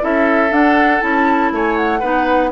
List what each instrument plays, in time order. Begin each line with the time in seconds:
0.00 bassoon C#4, clarinet E4, oboe A4, flute E5
0.51 bassoon D4, clarinet D4, flute F#5
1.00 bassoon C#4, clarinet E4, flute A5
1.51 bassoon A3, oboe C#5, flute G#5
1.76 flute F#5
2.00 bassoon B3, clarinet D#4, oboe B4